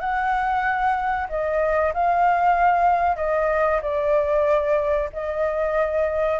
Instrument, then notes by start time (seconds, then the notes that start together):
flute
0.00 F#5
1.29 D#5
1.94 F5
3.16 D#5
3.82 D5
5.13 D#5